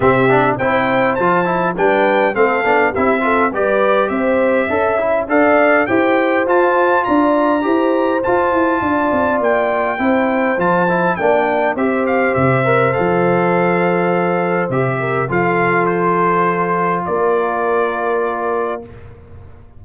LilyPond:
<<
  \new Staff \with { instrumentName = "trumpet" } { \time 4/4 \tempo 4 = 102 e''4 g''4 a''4 g''4 | f''4 e''4 d''4 e''4~ | e''4 f''4 g''4 a''4 | ais''2 a''2 |
g''2 a''4 g''4 | e''8 f''8 e''4 f''2~ | f''4 e''4 f''4 c''4~ | c''4 d''2. | }
  \new Staff \with { instrumentName = "horn" } { \time 4/4 g'4 c''2 b'4 | a'4 g'8 a'8 b'4 c''4 | e''4 d''4 c''2 | d''4 c''2 d''4~ |
d''4 c''2 d''4 | c''1~ | c''4. ais'8 a'2~ | a'4 ais'2. | }
  \new Staff \with { instrumentName = "trombone" } { \time 4/4 c'8 d'8 e'4 f'8 e'8 d'4 | c'8 d'8 e'8 f'8 g'2 | a'8 e'8 a'4 g'4 f'4~ | f'4 g'4 f'2~ |
f'4 e'4 f'8 e'8 d'4 | g'4. ais'8 a'2~ | a'4 g'4 f'2~ | f'1 | }
  \new Staff \with { instrumentName = "tuba" } { \time 4/4 c4 c'4 f4 g4 | a8 b8 c'4 g4 c'4 | cis'4 d'4 e'4 f'4 | d'4 e'4 f'8 e'8 d'8 c'8 |
ais4 c'4 f4 ais4 | c'4 c4 f2~ | f4 c4 f2~ | f4 ais2. | }
>>